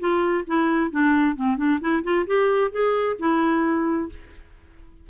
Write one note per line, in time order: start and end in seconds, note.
0.00 0.45 F4
0.47 0.91 E4
0.91 1.36 D4
1.36 1.57 C4
1.57 1.80 D4
1.81 2.03 E4
2.03 2.26 F4
2.27 2.71 G4
2.71 3.17 G#4
3.19 4.09 E4